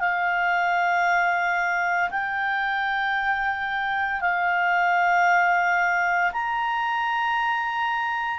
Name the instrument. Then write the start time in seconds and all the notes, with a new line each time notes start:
clarinet
0.00 F5
2.11 G5
4.22 F5
6.33 A#5